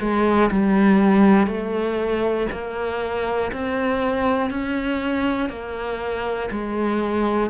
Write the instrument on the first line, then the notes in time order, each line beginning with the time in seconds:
cello
0.00 G#3
0.51 G3
1.46 A3
2.52 A#3
3.52 C4
4.50 C#4
5.49 A#3
6.51 G#3